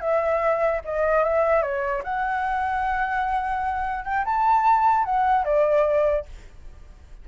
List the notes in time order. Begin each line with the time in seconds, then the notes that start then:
0.00 E5
0.84 D#5
1.24 E5
1.62 C#5
2.04 F#5
4.04 G5
4.25 A5
5.04 F#5
5.45 D5